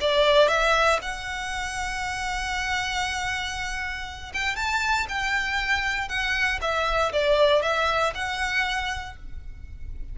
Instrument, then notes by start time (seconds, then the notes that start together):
violin
0.00 D5
0.48 E5
1.01 F#5
4.33 G5
4.55 A5
5.08 G5
6.08 F#5
6.61 E5
7.12 D5
7.62 E5
8.14 F#5